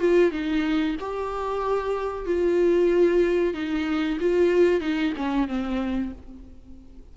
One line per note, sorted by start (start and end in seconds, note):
0.00 0.32 F4
0.32 0.96 D#4
1.00 2.26 G4
2.26 3.54 F4
3.54 4.18 D#4
4.21 4.81 F4
4.81 5.13 D#4
5.17 5.48 C#4
5.48 6.12 C4